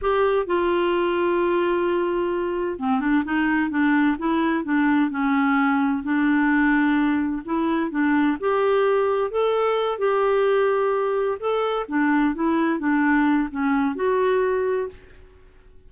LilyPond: \new Staff \with { instrumentName = "clarinet" } { \time 4/4 \tempo 4 = 129 g'4 f'2.~ | f'2 c'8 d'8 dis'4 | d'4 e'4 d'4 cis'4~ | cis'4 d'2. |
e'4 d'4 g'2 | a'4. g'2~ g'8~ | g'8 a'4 d'4 e'4 d'8~ | d'4 cis'4 fis'2 | }